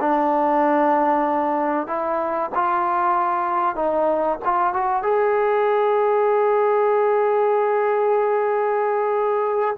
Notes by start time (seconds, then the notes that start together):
0.00 D4
1.87 E4
2.54 F4
3.75 D#4
4.44 F4
4.73 F#4
5.02 G#4